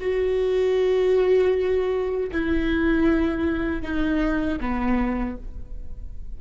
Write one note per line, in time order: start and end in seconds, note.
0.00 2.31 F#4
2.32 3.82 E4
3.82 4.59 D#4
4.60 5.37 B3